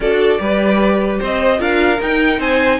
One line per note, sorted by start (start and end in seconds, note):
0.00 0.38 D4
0.00 0.38 F#4
0.00 0.40 A4
0.00 1.21 D5
0.38 1.19 G3
0.38 1.58 G4
0.38 1.19 B4
1.19 1.59 C4
1.19 1.59 C5
1.19 1.61 D#5
1.58 1.99 D4
1.58 1.98 F4
1.58 2.38 A#4
1.58 2.01 F5
2.00 2.39 D#4
2.00 2.80 D#4
2.00 2.40 G5
2.38 2.79 C4
2.38 2.78 C5
2.38 2.80 G#5